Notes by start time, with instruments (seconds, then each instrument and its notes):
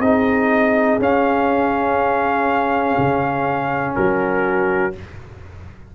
0.00 tuba C4, trombone D#4, horn G#4, trumpet D#5
1.00 tuba C#4, trombone C#4, trumpet F5
2.98 tuba C#3
3.95 tuba F#3, horn F#4, trumpet A#4